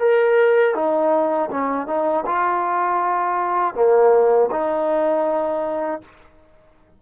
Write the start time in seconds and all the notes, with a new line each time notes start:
0.00 A#4
0.75 D#4
1.51 C#4
1.87 D#4
2.26 F4
3.75 A#3
4.51 D#4